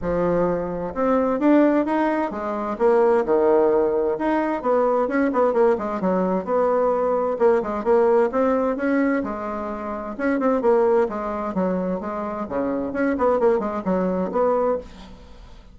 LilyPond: \new Staff \with { instrumentName = "bassoon" } { \time 4/4 \tempo 4 = 130 f2 c'4 d'4 | dis'4 gis4 ais4 dis4~ | dis4 dis'4 b4 cis'8 b8 | ais8 gis8 fis4 b2 |
ais8 gis8 ais4 c'4 cis'4 | gis2 cis'8 c'8 ais4 | gis4 fis4 gis4 cis4 | cis'8 b8 ais8 gis8 fis4 b4 | }